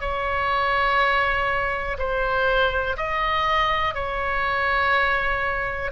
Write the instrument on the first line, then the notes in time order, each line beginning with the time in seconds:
oboe
0.00 C#5
1.98 C5
2.96 D#5
3.94 C#5